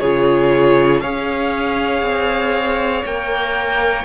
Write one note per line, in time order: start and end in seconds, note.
0.00 1.03 C#3
0.00 1.03 F4
0.00 1.01 G#4
0.00 1.01 C#5
1.01 2.02 C#4
1.01 3.06 G#4
1.01 4.05 C#5
1.01 3.05 F5
2.02 3.04 C4
3.05 4.05 A#3
3.05 4.05 A#4
3.05 4.05 G5